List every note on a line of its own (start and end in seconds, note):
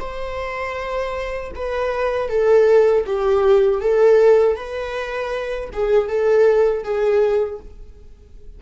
0.00 1.52 C5
1.56 2.29 B4
2.29 3.05 A4
3.07 3.81 G4
3.81 4.57 A4
4.57 5.71 B4
5.73 6.08 G#4
6.08 6.84 A4
6.84 7.60 G#4